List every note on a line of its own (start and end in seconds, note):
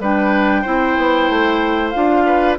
0.00 0.65 G3
0.00 0.65 D4
0.00 0.62 B4
0.00 1.91 G5
0.62 0.97 C4
0.62 1.94 E4
0.62 2.24 C5
0.97 1.30 B3
1.30 1.94 A3
1.91 2.59 D4
1.91 2.58 F4
1.91 2.55 F5
2.26 2.58 B4